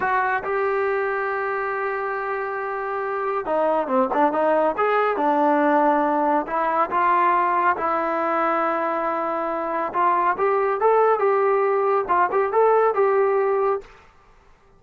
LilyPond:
\new Staff \with { instrumentName = "trombone" } { \time 4/4 \tempo 4 = 139 fis'4 g'2.~ | g'1 | dis'4 c'8 d'8 dis'4 gis'4 | d'2. e'4 |
f'2 e'2~ | e'2. f'4 | g'4 a'4 g'2 | f'8 g'8 a'4 g'2 | }